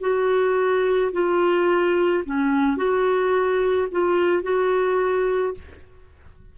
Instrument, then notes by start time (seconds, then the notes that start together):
clarinet
0.00 F#4
1.12 F4
2.25 C#4
2.76 F#4
3.91 F4
4.42 F#4